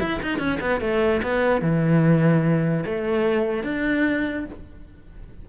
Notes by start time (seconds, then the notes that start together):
0.00 E4
0.22 D#4
0.39 C#4
0.61 B3
0.81 A3
1.23 B3
1.62 E3
2.86 A3
3.64 D4